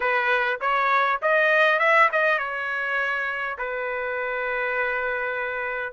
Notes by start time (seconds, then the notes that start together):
0.00 B4
0.60 C#5
1.22 D#5
1.79 E5
2.12 D#5
2.38 C#5
3.58 B4